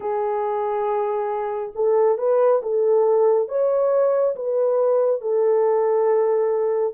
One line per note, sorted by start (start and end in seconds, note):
0.00 1.72 G#4
1.75 2.17 A4
2.17 2.61 B4
2.62 3.48 A4
3.48 4.35 C#5
4.35 5.21 B4
5.21 6.94 A4